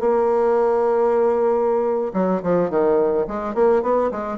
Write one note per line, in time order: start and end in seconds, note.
0.00 2.12 A#3
2.14 2.42 F#3
2.43 2.70 F3
2.70 3.27 D#3
3.28 3.55 G#3
3.55 3.83 A#3
3.83 4.11 B3
4.11 4.38 G#3